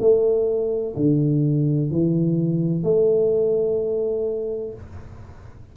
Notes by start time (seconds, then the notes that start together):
0.00 A3
0.96 D3
1.91 E3
2.84 A3